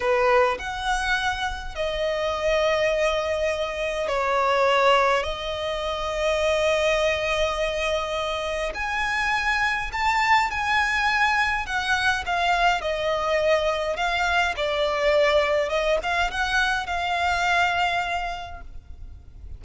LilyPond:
\new Staff \with { instrumentName = "violin" } { \time 4/4 \tempo 4 = 103 b'4 fis''2 dis''4~ | dis''2. cis''4~ | cis''4 dis''2.~ | dis''2. gis''4~ |
gis''4 a''4 gis''2 | fis''4 f''4 dis''2 | f''4 d''2 dis''8 f''8 | fis''4 f''2. | }